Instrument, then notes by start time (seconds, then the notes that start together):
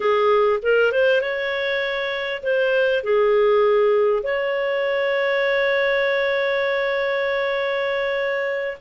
clarinet
0.00 G#4
0.62 A#4
0.91 C5
1.21 C#5
2.42 C5
3.03 G#4
4.23 C#5